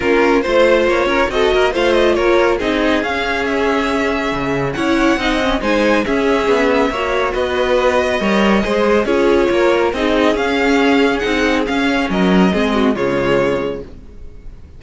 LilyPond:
<<
  \new Staff \with { instrumentName = "violin" } { \time 4/4 \tempo 4 = 139 ais'4 c''4 cis''4 dis''4 | f''8 dis''8 cis''4 dis''4 f''4 | e''2. fis''4~ | fis''4 gis''4 e''2~ |
e''4 dis''2.~ | dis''4 cis''2 dis''4 | f''2 fis''4 f''4 | dis''2 cis''2 | }
  \new Staff \with { instrumentName = "violin" } { \time 4/4 f'4 c''4. ais'8 a'8 ais'8 | c''4 ais'4 gis'2~ | gis'2. cis''4 | dis''4 c''4 gis'2 |
cis''4 b'2 cis''4 | c''4 gis'4 ais'4 gis'4~ | gis'1 | ais'4 gis'8 fis'8 f'2 | }
  \new Staff \with { instrumentName = "viola" } { \time 4/4 cis'4 f'2 fis'4 | f'2 dis'4 cis'4~ | cis'2. e'4 | dis'8 cis'8 dis'4 cis'2 |
fis'2. ais'4 | gis'4 f'2 dis'4 | cis'2 dis'4 cis'4~ | cis'4 c'4 gis2 | }
  \new Staff \with { instrumentName = "cello" } { \time 4/4 ais4 a4 ais8 cis'8 c'8 ais8 | a4 ais4 c'4 cis'4~ | cis'2 cis4 cis'4 | c'4 gis4 cis'4 b4 |
ais4 b2 g4 | gis4 cis'4 ais4 c'4 | cis'2 c'4 cis'4 | fis4 gis4 cis2 | }
>>